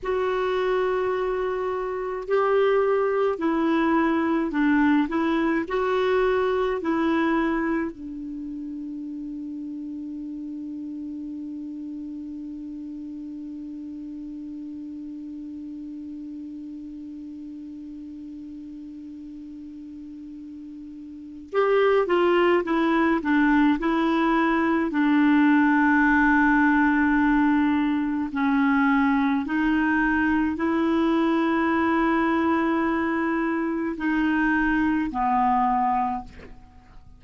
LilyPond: \new Staff \with { instrumentName = "clarinet" } { \time 4/4 \tempo 4 = 53 fis'2 g'4 e'4 | d'8 e'8 fis'4 e'4 d'4~ | d'1~ | d'1~ |
d'2. g'8 f'8 | e'8 d'8 e'4 d'2~ | d'4 cis'4 dis'4 e'4~ | e'2 dis'4 b4 | }